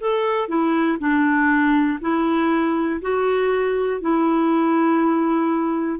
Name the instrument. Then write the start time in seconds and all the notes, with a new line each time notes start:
clarinet
0.00 A4
0.49 E4
0.99 D4
2.01 E4
3.01 F#4
4.01 E4